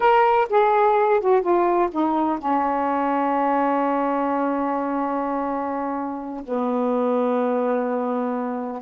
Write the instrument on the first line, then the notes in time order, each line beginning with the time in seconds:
saxophone
0.00 A#4
0.49 G#4
1.20 F#4
1.41 F4
1.91 D#4
2.38 C#4
6.44 B3